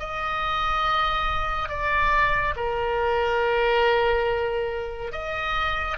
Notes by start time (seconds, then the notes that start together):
0.00 D#5
1.69 D5
2.57 A#4
5.12 D#5